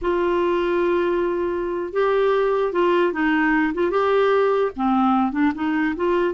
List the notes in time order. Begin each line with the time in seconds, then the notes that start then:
0.01 F4
1.92 G4
2.72 F4
3.12 D#4
3.74 F4
3.90 G4
4.76 C4
5.32 D4
5.54 D#4
5.95 F4